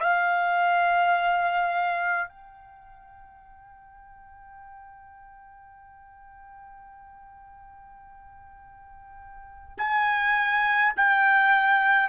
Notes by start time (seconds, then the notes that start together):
0.00 F5
2.29 G5
9.78 G#5
10.97 G5